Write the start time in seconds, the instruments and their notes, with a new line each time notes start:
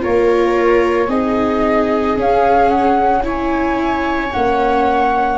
0.00 tuba A#3, viola F4 A#4, flute C#5
1.08 tuba C4, viola D#4 G#4, flute D#5
2.17 tuba C#4, viola C#4, flute F5
2.69 flute F#5
3.24 viola E4 C#5, flute G#5
4.32 tuba A#3, viola C#4, flute F#5